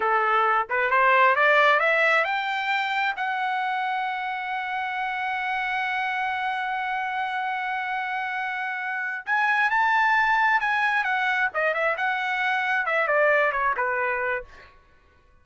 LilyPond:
\new Staff \with { instrumentName = "trumpet" } { \time 4/4 \tempo 4 = 133 a'4. b'8 c''4 d''4 | e''4 g''2 fis''4~ | fis''1~ | fis''1~ |
fis''1~ | fis''8 gis''4 a''2 gis''8~ | gis''8 fis''4 dis''8 e''8 fis''4.~ | fis''8 e''8 d''4 cis''8 b'4. | }